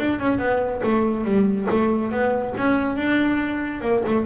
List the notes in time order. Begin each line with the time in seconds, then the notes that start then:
0.00 D4
0.20 C#4
0.39 B3
0.84 A3
1.25 G3
1.70 A3
2.12 B3
2.58 C#4
2.97 D4
3.82 A#3
4.07 A3